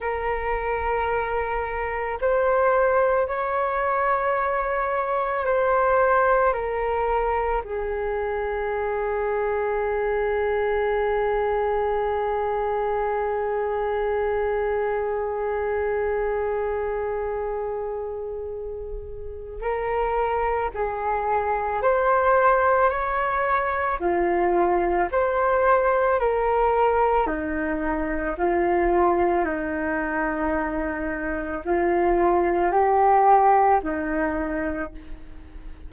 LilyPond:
\new Staff \with { instrumentName = "flute" } { \time 4/4 \tempo 4 = 55 ais'2 c''4 cis''4~ | cis''4 c''4 ais'4 gis'4~ | gis'1~ | gis'1~ |
gis'2 ais'4 gis'4 | c''4 cis''4 f'4 c''4 | ais'4 dis'4 f'4 dis'4~ | dis'4 f'4 g'4 dis'4 | }